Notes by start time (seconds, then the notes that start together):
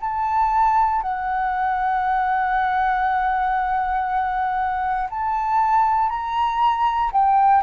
0.00 A5
1.02 F#5
5.10 A5
6.09 A#5
7.12 G5